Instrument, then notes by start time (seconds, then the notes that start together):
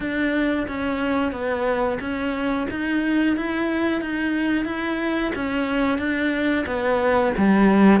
cello
0.00 D4
0.67 C#4
1.32 B3
2.00 C#4
2.70 D#4
3.36 E4
4.01 D#4
4.65 E4
5.35 C#4
5.98 D4
6.66 B3
7.37 G3